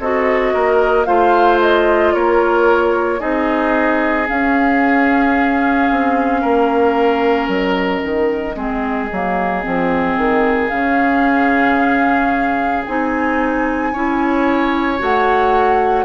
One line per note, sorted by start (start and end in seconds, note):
0.00 0.54 C4
0.00 1.06 F#4
0.00 0.54 A4
0.00 1.05 D#5
0.54 1.08 A#3
0.54 1.07 A#4
1.05 2.14 A3
1.05 3.19 F4
1.05 2.14 C5
1.05 1.59 F5
1.61 2.14 D#5
2.14 3.21 A#3
2.14 3.20 A#4
2.14 3.21 C#5
3.19 4.29 C4
3.19 4.26 D#4
3.19 6.42 G#4
3.19 4.28 D#5
4.27 8.56 C#4
4.27 5.91 C#4
4.27 7.48 F5
5.91 6.43 C4
6.42 7.48 A#3
6.42 8.56 A#4
7.48 8.02 F#3
7.48 10.69 D#5
8.04 8.56 D#3
8.56 9.09 G#3
8.56 9.09 C4
8.56 13.92 G#4
9.12 9.65 F#3
9.12 9.63 A#3
9.63 10.17 F3
9.63 10.70 C4
10.17 10.71 D#3
10.69 12.87 C#3
10.69 12.84 C#4
10.69 12.83 F5
12.86 13.93 C4
12.86 13.95 D#4
12.86 15.00 G#5
13.93 15.00 C#4
13.93 14.99 E4
13.93 16.05 C#5
14.99 16.05 A3
14.99 16.05 F#4
14.99 16.05 F#5